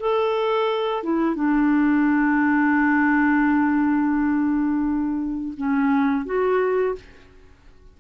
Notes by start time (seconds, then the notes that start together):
0.00 A4
1.03 E4
1.35 D4
5.57 C#4
6.26 F#4